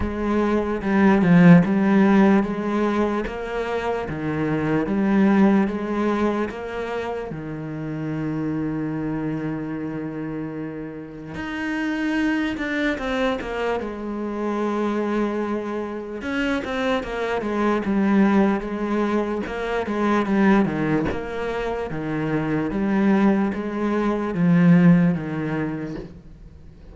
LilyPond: \new Staff \with { instrumentName = "cello" } { \time 4/4 \tempo 4 = 74 gis4 g8 f8 g4 gis4 | ais4 dis4 g4 gis4 | ais4 dis2.~ | dis2 dis'4. d'8 |
c'8 ais8 gis2. | cis'8 c'8 ais8 gis8 g4 gis4 | ais8 gis8 g8 dis8 ais4 dis4 | g4 gis4 f4 dis4 | }